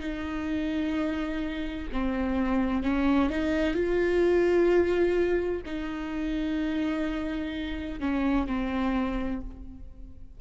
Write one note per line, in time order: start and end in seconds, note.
0.00 1.87 D#4
1.93 2.83 C4
2.83 3.30 C#4
3.30 3.75 D#4
3.75 5.62 F4
5.65 8.00 D#4
8.00 8.47 C#4
8.47 9.41 C4